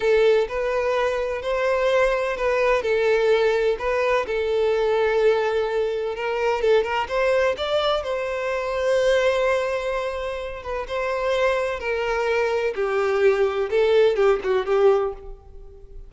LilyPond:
\new Staff \with { instrumentName = "violin" } { \time 4/4 \tempo 4 = 127 a'4 b'2 c''4~ | c''4 b'4 a'2 | b'4 a'2.~ | a'4 ais'4 a'8 ais'8 c''4 |
d''4 c''2.~ | c''2~ c''8 b'8 c''4~ | c''4 ais'2 g'4~ | g'4 a'4 g'8 fis'8 g'4 | }